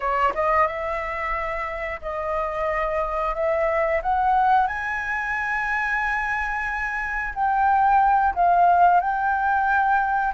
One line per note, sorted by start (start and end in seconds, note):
0.00 0.32 C#5
0.34 0.67 D#5
0.67 2.00 E5
2.01 3.34 D#5
3.34 4.01 E5
4.02 4.67 F#5
4.67 7.33 G#5
7.34 8.34 G5
8.35 9.00 F5
9.00 10.33 G5